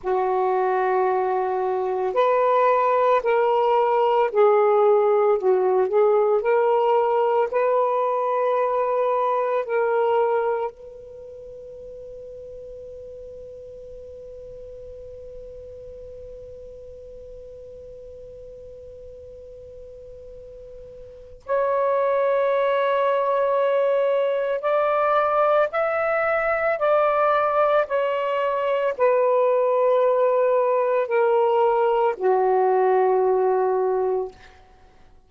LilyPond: \new Staff \with { instrumentName = "saxophone" } { \time 4/4 \tempo 4 = 56 fis'2 b'4 ais'4 | gis'4 fis'8 gis'8 ais'4 b'4~ | b'4 ais'4 b'2~ | b'1~ |
b'1 | cis''2. d''4 | e''4 d''4 cis''4 b'4~ | b'4 ais'4 fis'2 | }